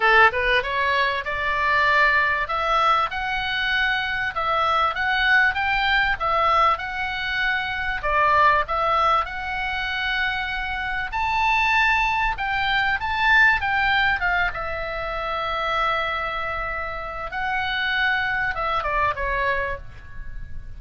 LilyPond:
\new Staff \with { instrumentName = "oboe" } { \time 4/4 \tempo 4 = 97 a'8 b'8 cis''4 d''2 | e''4 fis''2 e''4 | fis''4 g''4 e''4 fis''4~ | fis''4 d''4 e''4 fis''4~ |
fis''2 a''2 | g''4 a''4 g''4 f''8 e''8~ | e''1 | fis''2 e''8 d''8 cis''4 | }